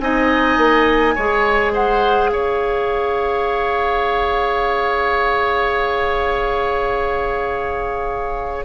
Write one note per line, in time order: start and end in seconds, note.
0.00 0.58 C4
0.00 1.16 D#4
0.00 1.15 D#5
0.00 1.73 G#5
0.58 1.15 A#3
1.15 2.32 G#3
1.15 8.66 G#4
1.15 1.73 C#5
1.73 2.31 C5
1.73 2.30 F#5
2.30 8.66 C#4
2.30 8.66 C#5
2.30 8.64 F5